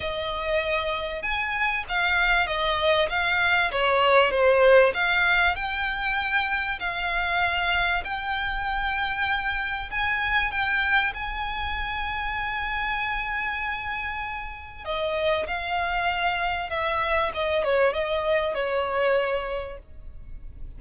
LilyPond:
\new Staff \with { instrumentName = "violin" } { \time 4/4 \tempo 4 = 97 dis''2 gis''4 f''4 | dis''4 f''4 cis''4 c''4 | f''4 g''2 f''4~ | f''4 g''2. |
gis''4 g''4 gis''2~ | gis''1 | dis''4 f''2 e''4 | dis''8 cis''8 dis''4 cis''2 | }